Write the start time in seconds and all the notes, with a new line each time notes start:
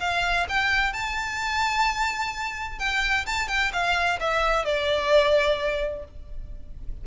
0.00 F5
0.49 G5
0.93 A5
2.79 G5
3.26 A5
3.48 G5
3.73 F5
4.20 E5
4.65 D5